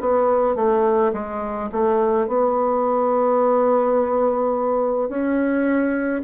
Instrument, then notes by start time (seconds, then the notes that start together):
bassoon
0.00 B3
0.55 A3
1.13 G#3
1.71 A3
2.27 B3
5.08 C#4